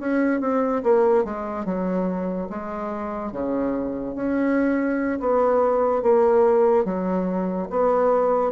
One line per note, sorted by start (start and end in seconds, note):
0.00 0.41 C#4
0.41 0.83 C4
0.83 1.25 A#3
1.25 1.66 G#3
1.66 2.49 F#3
2.50 3.33 G#3
3.33 4.16 C#3
4.16 5.20 C#4
5.20 6.03 B3
6.03 6.85 A#3
6.85 7.69 F#3
7.70 8.53 B3